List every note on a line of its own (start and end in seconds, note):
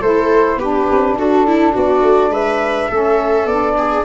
0.00 0.56 A3
0.00 0.61 E4
0.00 0.58 A4
0.00 0.59 C5
0.56 0.85 B3
0.56 2.91 D4
0.56 1.16 G4
0.56 1.17 B4
0.90 1.15 C4
1.15 1.72 D4
1.15 1.47 F#4
1.15 1.75 A4
1.47 1.73 E4
1.73 2.01 B3
1.73 2.30 F#4
1.73 2.33 D5
2.01 2.29 A3
2.29 2.87 G#3
2.29 2.88 B4
2.29 3.47 E5
2.88 3.45 A3
2.88 3.49 C#4
2.88 3.75 A4
3.45 4.03 B3
3.45 4.05 D4
3.45 4.04 D5
3.78 4.05 G#4